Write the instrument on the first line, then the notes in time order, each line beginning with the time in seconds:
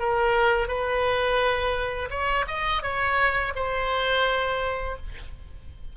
oboe
0.00 A#4
0.68 B4
2.10 C#5
2.48 D#5
2.83 C#5
3.56 C5